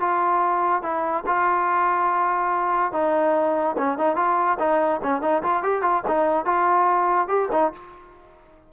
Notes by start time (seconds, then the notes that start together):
0.00 F4
0.82 E4
1.26 F4
2.92 D#4
3.78 C#4
3.98 D#4
4.16 F4
4.59 D#4
5.03 C#4
5.22 D#4
5.43 F4
5.62 G4
5.82 F4
6.07 D#4
6.45 F4
7.28 G4
7.52 D#4